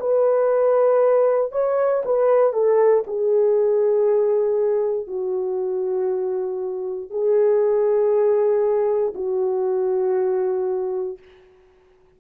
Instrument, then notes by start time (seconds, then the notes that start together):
horn
0.00 B4
1.52 C#5
2.05 B4
2.53 A4
3.07 G#4
5.07 F#4
7.10 G#4
9.15 F#4